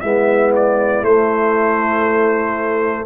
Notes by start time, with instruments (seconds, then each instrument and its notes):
0.00 tuba G#3, trombone B3, horn E4, trumpet E5
0.55 trumpet D5
1.02 tuba A3, trombone A3, trumpet C5